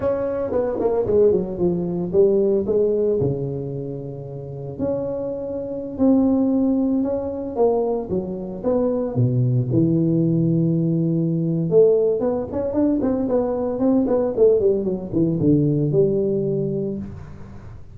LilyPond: \new Staff \with { instrumentName = "tuba" } { \time 4/4 \tempo 4 = 113 cis'4 b8 ais8 gis8 fis8 f4 | g4 gis4 cis2~ | cis4 cis'2~ cis'16 c'8.~ | c'4~ c'16 cis'4 ais4 fis8.~ |
fis16 b4 b,4 e4.~ e16~ | e2 a4 b8 cis'8 | d'8 c'8 b4 c'8 b8 a8 g8 | fis8 e8 d4 g2 | }